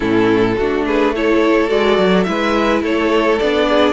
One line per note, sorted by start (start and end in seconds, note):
0.00 0.57 A2
0.00 0.54 C#4
0.00 0.55 E4
0.00 0.84 A4
0.57 1.70 A3
0.57 1.15 D4
0.57 0.85 F#4
0.87 1.15 G#4
0.87 1.15 B4
1.15 1.68 E4
1.15 2.28 A4
1.15 1.69 C#5
1.68 1.98 G#3
1.68 2.24 F#4
1.68 2.23 D5
1.98 2.26 F#3
2.23 2.82 G#3
2.23 3.38 E4
2.23 2.82 B4
2.23 2.80 E5
2.82 3.38 A3
2.82 3.67 A4
2.82 3.38 C#5
3.38 3.93 B3
3.38 3.93 D4
3.38 3.93 D5
3.68 3.93 G#4